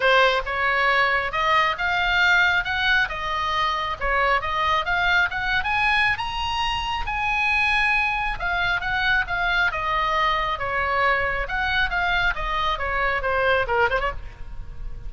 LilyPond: \new Staff \with { instrumentName = "oboe" } { \time 4/4 \tempo 4 = 136 c''4 cis''2 dis''4 | f''2 fis''4 dis''4~ | dis''4 cis''4 dis''4 f''4 | fis''8. gis''4~ gis''16 ais''2 |
gis''2. f''4 | fis''4 f''4 dis''2 | cis''2 fis''4 f''4 | dis''4 cis''4 c''4 ais'8 c''16 cis''16 | }